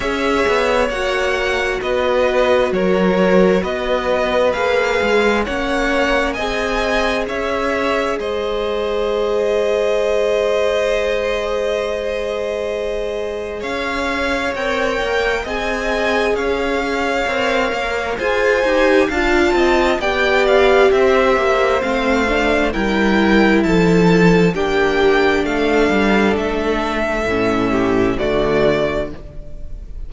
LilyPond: <<
  \new Staff \with { instrumentName = "violin" } { \time 4/4 \tempo 4 = 66 e''4 fis''4 dis''4 cis''4 | dis''4 f''4 fis''4 gis''4 | e''4 dis''2.~ | dis''2. f''4 |
g''4 gis''4 f''2 | gis''4 a''4 g''8 f''8 e''4 | f''4 g''4 a''4 g''4 | f''4 e''2 d''4 | }
  \new Staff \with { instrumentName = "violin" } { \time 4/4 cis''2 b'4 ais'4 | b'2 cis''4 dis''4 | cis''4 c''2.~ | c''2. cis''4~ |
cis''4 dis''4 cis''2 | c''4 f''8 dis''8 d''4 c''4~ | c''4 ais'4 a'4 g'4 | a'2~ a'8 g'8 fis'4 | }
  \new Staff \with { instrumentName = "viola" } { \time 4/4 gis'4 fis'2.~ | fis'4 gis'4 cis'4 gis'4~ | gis'1~ | gis'1 |
ais'4 gis'2 ais'4 | gis'8 g'8 f'4 g'2 | c'8 d'8 e'2 d'4~ | d'2 cis'4 a4 | }
  \new Staff \with { instrumentName = "cello" } { \time 4/4 cis'8 b8 ais4 b4 fis4 | b4 ais8 gis8 ais4 c'4 | cis'4 gis2.~ | gis2. cis'4 |
c'8 ais8 c'4 cis'4 c'8 ais8 | f'8 dis'8 d'8 c'8 b4 c'8 ais8 | a4 g4 f4 ais4 | a8 g8 a4 a,4 d4 | }
>>